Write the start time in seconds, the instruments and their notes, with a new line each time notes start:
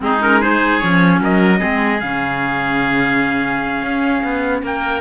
0.00 cello G#3, clarinet C4, oboe D#4, trumpet G#4
0.21 clarinet C#4, trumpet A#4
0.40 clarinet D#4, oboe G#4, trumpet C5
0.79 cello F3, clarinet C#4, trumpet C#5
1.20 cello F#3, oboe A#4, trumpet D#5
1.58 cello G#3, clarinet C4, oboe G#4
2.00 cello C#3, clarinet C#4, trumpet F5
3.82 cello C#4
4.23 cello B3
4.62 cello A#3, oboe A#4, trumpet G5